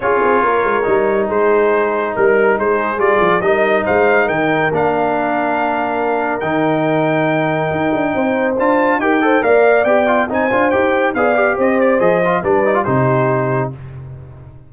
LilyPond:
<<
  \new Staff \with { instrumentName = "trumpet" } { \time 4/4 \tempo 4 = 140 cis''2. c''4~ | c''4 ais'4 c''4 d''4 | dis''4 f''4 g''4 f''4~ | f''2. g''4~ |
g''1 | a''4 g''4 f''4 g''4 | gis''4 g''4 f''4 dis''8 d''8 | dis''4 d''4 c''2 | }
  \new Staff \with { instrumentName = "horn" } { \time 4/4 gis'4 ais'2 gis'4~ | gis'4 ais'4 gis'2 | ais'4 c''4 ais'2~ | ais'1~ |
ais'2. c''4~ | c''4 ais'8 c''8 d''2 | c''2 d''4 c''4~ | c''4 b'4 g'2 | }
  \new Staff \with { instrumentName = "trombone" } { \time 4/4 f'2 dis'2~ | dis'2. f'4 | dis'2. d'4~ | d'2. dis'4~ |
dis'1 | f'4 g'8 a'8 ais'4 g'8 f'8 | dis'8 f'8 g'4 gis'8 g'4. | gis'8 f'8 d'8 dis'16 f'16 dis'2 | }
  \new Staff \with { instrumentName = "tuba" } { \time 4/4 cis'8 c'8 ais8 gis8 g4 gis4~ | gis4 g4 gis4 g8 f8 | g4 gis4 dis4 ais4~ | ais2. dis4~ |
dis2 dis'8 d'8 c'4 | d'4 dis'4 ais4 b4 | c'8 d'8 dis'4 b4 c'4 | f4 g4 c2 | }
>>